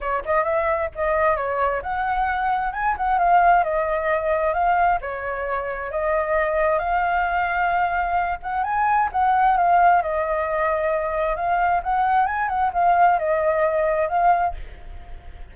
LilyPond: \new Staff \with { instrumentName = "flute" } { \time 4/4 \tempo 4 = 132 cis''8 dis''8 e''4 dis''4 cis''4 | fis''2 gis''8 fis''8 f''4 | dis''2 f''4 cis''4~ | cis''4 dis''2 f''4~ |
f''2~ f''8 fis''8 gis''4 | fis''4 f''4 dis''2~ | dis''4 f''4 fis''4 gis''8 fis''8 | f''4 dis''2 f''4 | }